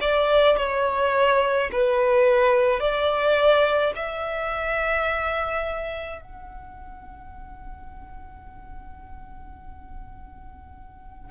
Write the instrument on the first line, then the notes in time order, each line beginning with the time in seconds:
violin
0.00 D5
0.57 C#5
1.71 B4
2.79 D5
3.95 E5
6.21 F#5